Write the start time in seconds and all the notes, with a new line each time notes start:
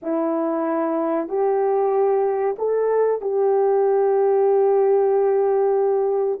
0.02 E4
1.28 G4
2.58 A4
3.21 G4